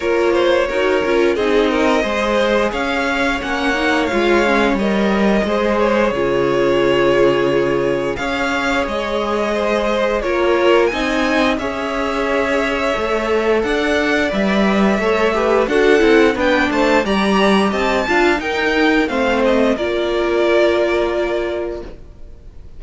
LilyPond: <<
  \new Staff \with { instrumentName = "violin" } { \time 4/4 \tempo 4 = 88 cis''2 dis''2 | f''4 fis''4 f''4 dis''4~ | dis''8 cis''2.~ cis''8 | f''4 dis''2 cis''4 |
gis''4 e''2. | fis''4 e''2 fis''4 | g''8 a''8 ais''4 a''4 g''4 | f''8 dis''8 d''2. | }
  \new Staff \with { instrumentName = "violin" } { \time 4/4 ais'8 c''8 ais'4 gis'8 ais'8 c''4 | cis''1 | c''4 gis'2. | cis''2 c''4 ais'4 |
dis''4 cis''2. | d''2 cis''8 b'8 a'4 | b'8 c''8 d''4 dis''8 f''8 ais'4 | c''4 ais'2. | }
  \new Staff \with { instrumentName = "viola" } { \time 4/4 f'4 fis'8 f'8 dis'4 gis'4~ | gis'4 cis'8 dis'8 f'8 cis'8 ais'4 | gis'4 f'2. | gis'2. f'4 |
dis'4 gis'2 a'4~ | a'4 b'4 a'8 g'8 fis'8 e'8 | d'4 g'4. f'8 dis'4 | c'4 f'2. | }
  \new Staff \with { instrumentName = "cello" } { \time 4/4 ais4 dis'8 cis'8 c'4 gis4 | cis'4 ais4 gis4 g4 | gis4 cis2. | cis'4 gis2 ais4 |
c'4 cis'2 a4 | d'4 g4 a4 d'8 c'8 | b8 a8 g4 c'8 d'8 dis'4 | a4 ais2. | }
>>